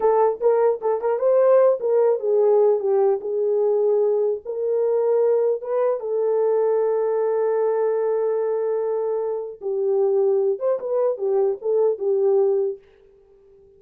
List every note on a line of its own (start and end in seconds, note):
0.00 0.40 A4
0.40 0.80 A#4
0.81 1.01 A4
1.01 1.19 A#4
1.19 1.79 C5
1.80 2.19 A#4
2.19 2.79 G#4
2.79 3.19 G4
3.21 4.41 G#4
4.45 5.61 A#4
5.61 6.00 B4
6.00 9.60 A4
9.61 10.59 G4
10.59 10.79 C5
10.79 11.17 B4
11.17 11.57 G4
11.61 11.98 A4
11.98 12.78 G4